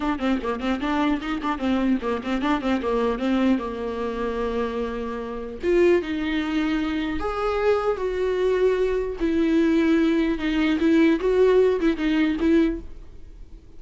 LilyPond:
\new Staff \with { instrumentName = "viola" } { \time 4/4 \tempo 4 = 150 d'8 c'8 ais8 c'8 d'4 dis'8 d'8 | c'4 ais8 c'8 d'8 c'8 ais4 | c'4 ais2.~ | ais2 f'4 dis'4~ |
dis'2 gis'2 | fis'2. e'4~ | e'2 dis'4 e'4 | fis'4. e'8 dis'4 e'4 | }